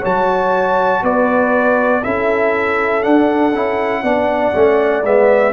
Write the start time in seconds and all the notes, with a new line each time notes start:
0.00 F#3 F#4 C#5 A5
1.02 B3 B4 D5
2.03 C#4 E4 A4 E5
3.01 D4 F#5
3.53 C#4 E4
4.03 B3 D4 D5
4.53 A3 C#4
5.04 G#3 B3 E5